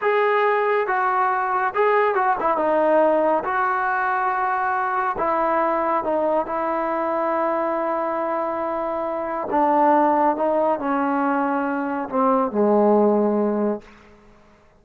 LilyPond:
\new Staff \with { instrumentName = "trombone" } { \time 4/4 \tempo 4 = 139 gis'2 fis'2 | gis'4 fis'8 e'8 dis'2 | fis'1 | e'2 dis'4 e'4~ |
e'1~ | e'2 d'2 | dis'4 cis'2. | c'4 gis2. | }